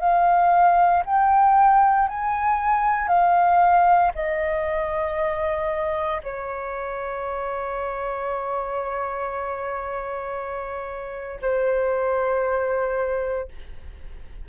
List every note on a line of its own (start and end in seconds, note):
0.00 1.03 F5
1.06 2.09 G5
2.09 3.08 G#5
3.08 4.12 F5
4.15 6.22 D#5
6.24 11.41 C#5
11.42 13.49 C5